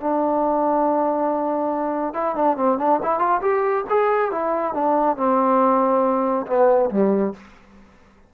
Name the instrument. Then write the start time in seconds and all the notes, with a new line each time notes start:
trombone
0.00 D4
2.14 E4
2.35 D4
2.56 C4
2.78 D4
3.03 E4
3.19 F4
3.41 G4
3.89 G#4
4.31 E4
4.74 D4
5.17 C4
6.47 B3
6.90 G3